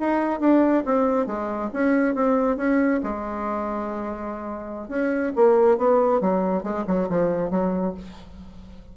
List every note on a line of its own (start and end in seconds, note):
0.00 0.41 D#4
0.41 0.84 D4
0.86 1.27 C4
1.27 1.71 G#3
1.74 2.15 C#4
2.15 2.57 C4
2.57 3.01 C#4
3.04 4.89 G#3
4.89 5.33 C#4
5.36 5.78 A#3
5.78 6.21 B3
6.21 6.64 F#3
6.64 6.85 G#3
6.87 7.09 F#3
7.10 7.51 F3
7.51 7.94 F#3